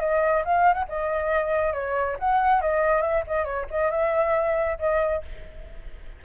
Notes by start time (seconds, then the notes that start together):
0.00 D#5
0.45 F5
0.74 F#5
0.89 D#5
1.73 C#5
2.19 F#5
2.61 D#5
3.02 E5
3.27 D#5
3.44 C#5
3.70 D#5
3.91 E5
4.79 D#5